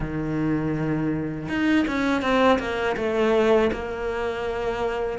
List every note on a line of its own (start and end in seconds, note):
0.00 1.48 D#3
1.48 1.85 D#4
1.87 2.22 C#4
2.22 2.59 C4
2.59 2.96 A#3
2.96 3.70 A3
3.72 5.19 A#3